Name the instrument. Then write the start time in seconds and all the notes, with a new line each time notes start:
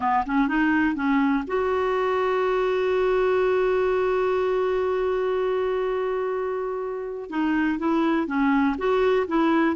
clarinet
0.00 B3
0.25 C#4
0.48 D#4
0.95 C#4
1.47 F#4
7.29 D#4
7.78 E4
8.27 C#4
8.78 F#4
9.27 E4